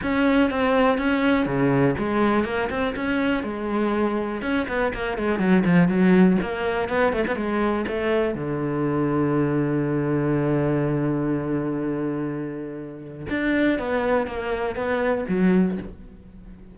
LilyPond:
\new Staff \with { instrumentName = "cello" } { \time 4/4 \tempo 4 = 122 cis'4 c'4 cis'4 cis4 | gis4 ais8 c'8 cis'4 gis4~ | gis4 cis'8 b8 ais8 gis8 fis8 f8 | fis4 ais4 b8 a16 b16 gis4 |
a4 d2.~ | d1~ | d2. d'4 | b4 ais4 b4 fis4 | }